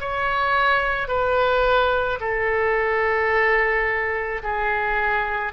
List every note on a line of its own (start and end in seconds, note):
0.00 1.08 C#5
1.08 2.19 B4
2.20 4.42 A4
4.42 5.52 G#4